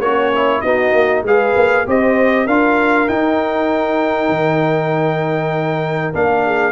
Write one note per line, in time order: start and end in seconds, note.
0.00 0.61 A#3
0.00 0.63 C#4
0.00 0.33 F#4
0.00 0.62 C#5
0.35 0.66 E4
0.62 0.93 B3
0.62 1.27 D#4
0.62 1.24 F#4
0.62 1.23 D#5
0.93 1.23 A#3
1.23 1.54 G#3
1.23 1.87 G#4
1.23 1.87 B4
1.23 1.89 F5
1.56 1.87 A#3
1.87 2.47 C4
1.87 2.48 G4
1.87 2.46 C5
1.87 2.47 D#5
2.46 3.08 D4
2.46 3.09 F4
2.46 6.44 A#4
2.46 3.09 F5
3.09 6.14 D#4
3.09 4.30 D#4
3.09 6.15 G5
4.30 6.13 D#3
6.14 6.73 A#3
6.14 6.73 D4
6.14 6.73 F5
6.46 6.73 G#4